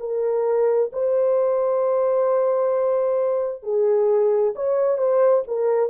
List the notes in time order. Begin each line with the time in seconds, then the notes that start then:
0.00 A#4
0.93 C5
3.63 G#4
4.55 C#5
4.98 C5
5.48 A#4